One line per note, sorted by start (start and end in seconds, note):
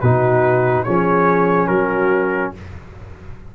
0.00 0.86 B2
0.00 0.86 D#4
0.00 0.85 F#4
0.00 0.84 B4
0.84 1.68 F3
0.84 2.55 C#4
0.84 1.68 G#4
0.84 1.67 C#5
1.67 2.53 F#3
1.67 2.53 F#4
1.67 2.52 A#4